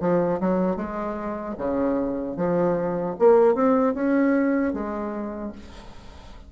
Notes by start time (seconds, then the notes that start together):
0.00 F3
0.40 F#3
0.76 G#3
1.58 C#3
2.36 F3
3.19 A#3
3.55 C4
3.94 C#4
4.73 G#3